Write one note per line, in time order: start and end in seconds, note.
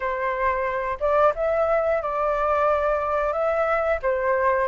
0.00 0.98 C5
0.99 1.33 D5
1.35 2.02 E5
2.02 3.32 D5
3.32 3.99 E5
4.02 4.68 C5